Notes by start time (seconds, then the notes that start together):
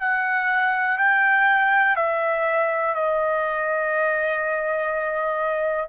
0.00 F#5
0.97 G5
1.96 E5
2.94 D#5